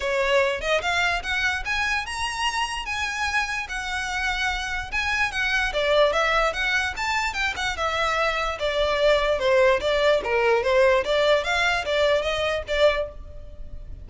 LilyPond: \new Staff \with { instrumentName = "violin" } { \time 4/4 \tempo 4 = 147 cis''4. dis''8 f''4 fis''4 | gis''4 ais''2 gis''4~ | gis''4 fis''2. | gis''4 fis''4 d''4 e''4 |
fis''4 a''4 g''8 fis''8 e''4~ | e''4 d''2 c''4 | d''4 ais'4 c''4 d''4 | f''4 d''4 dis''4 d''4 | }